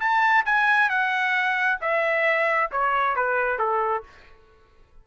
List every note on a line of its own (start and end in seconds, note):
0.00 0.45 A5
0.46 0.89 G#5
0.89 1.79 F#5
1.81 2.70 E5
2.71 3.16 C#5
3.16 3.59 B4
3.59 4.03 A4